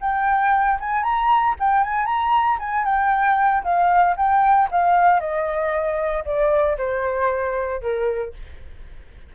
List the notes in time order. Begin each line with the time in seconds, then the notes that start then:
0.00 G5
0.80 G#5
1.03 A#5
1.59 G5
1.83 G#5
2.05 A#5
2.59 G#5
2.85 G5
3.63 F5
4.16 G5
4.71 F5
5.19 D#5
6.25 D5
6.77 C5
7.81 A#4